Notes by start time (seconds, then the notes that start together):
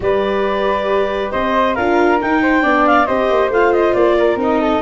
0.00 G3 G4 B4 D5
1.31 C4 C5 D#5
1.74 D4 F4 A#4 F5
2.21 D#4 G5
2.41 C5
2.61 B3 D4 D5
2.86 F5
3.05 C4 G4 C5 D#5
3.30 A#3
3.49 A3 F4 F5
3.72 D#5
3.93 A#3 D5
4.18 A#4
4.35 C4 D#4
4.42 D#5
4.61 A4